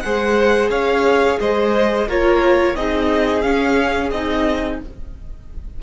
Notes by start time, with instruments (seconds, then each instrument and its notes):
0.00 cello G#3, viola G#4, violin C5 F#5
0.69 cello C#4, violin C#5 F5
1.40 cello G#3, violin C5 D#5
2.07 cello A#3, viola F4, violin A#4 C#5
2.75 cello C4, viola D#4, violin G#4 D#5
3.41 viola C#4, cello C#4, violin F5
4.11 cello C4, viola D#4, violin D#5